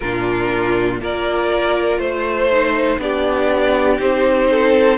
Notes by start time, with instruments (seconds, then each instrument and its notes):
0.00 cello A#2, viola D4, violin F4 A#4
1.00 cello A#3, viola F4, violin A#4 D5
1.98 cello A3, violin C5
2.51 viola D#4
2.98 cello B3, viola D4, violin G4 D5
3.99 cello C4, viola D#4, violin C5
4.50 violin A4